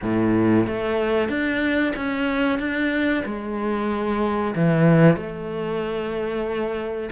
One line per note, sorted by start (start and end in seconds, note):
0.02 0.66 A2
0.66 1.28 A3
1.28 1.93 D4
1.96 2.59 C#4
2.59 3.23 D4
3.25 4.54 G#3
4.55 5.16 E3
5.16 7.09 A3